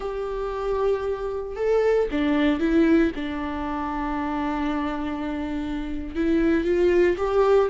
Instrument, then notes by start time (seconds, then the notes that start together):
viola
0.00 G4
1.56 A4
2.11 D4
2.59 E4
3.15 D4
6.15 E4
6.64 F4
7.17 G4